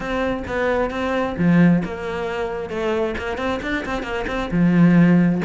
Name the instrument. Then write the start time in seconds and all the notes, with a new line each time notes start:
cello
0.00 C4
0.47 B3
0.90 C4
1.37 F3
1.84 A#3
2.69 A3
3.18 A#3
3.37 C4
3.62 D4
3.85 C4
4.03 A#3
4.27 C4
4.51 F3